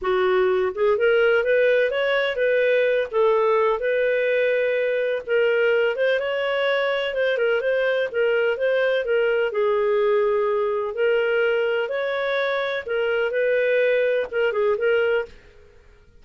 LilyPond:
\new Staff \with { instrumentName = "clarinet" } { \time 4/4 \tempo 4 = 126 fis'4. gis'8 ais'4 b'4 | cis''4 b'4. a'4. | b'2. ais'4~ | ais'8 c''8 cis''2 c''8 ais'8 |
c''4 ais'4 c''4 ais'4 | gis'2. ais'4~ | ais'4 cis''2 ais'4 | b'2 ais'8 gis'8 ais'4 | }